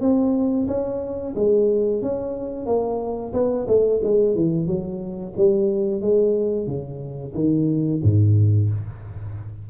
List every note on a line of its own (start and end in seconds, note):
0.00 0.67 C4
0.68 1.34 C#4
1.35 2.02 G#3
2.02 2.66 C#4
2.66 3.32 A#3
3.33 3.66 B3
3.68 4.01 A3
4.03 4.35 G#3
4.35 4.66 E3
4.66 5.33 F#3
5.37 6.01 G3
6.01 6.66 G#3
6.66 7.33 C#3
7.34 8.01 D#3
8.03 8.69 G#2